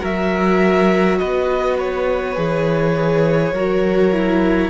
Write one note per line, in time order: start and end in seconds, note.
0.00 1.21 F#3
0.00 2.35 F#4
0.00 1.18 A#4
0.00 1.19 E5
1.19 2.37 B3
1.19 3.54 B4
1.19 1.77 D#5
1.79 4.71 C#5
2.36 3.52 E3
2.36 3.53 G#4
3.52 4.70 F#3
3.52 4.13 F#4
3.52 4.71 A#4
4.13 4.71 E4